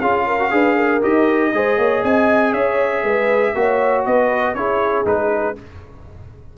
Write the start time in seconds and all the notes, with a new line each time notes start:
0.00 C#4 F4 G#4 F5
0.27 A#4
0.40 F#4
0.51 D4 G#4 B4
0.76 A#4
1.02 D#4 G4 D#5
1.53 G#3 G#4 C5
1.78 A#3 C#5
2.04 C4 D#5 G#5
2.52 C#4 C#5 E5
3.03 G#3 B4
3.55 A#3 F#4 C#5
4.06 B3 B4 D#5
4.55 C#4 E4 G#4 C#5
5.05 G#3 D#4 B4